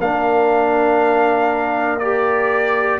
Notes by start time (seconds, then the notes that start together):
0.00 A#3 D4 A#4 F5
1.99 G4 D5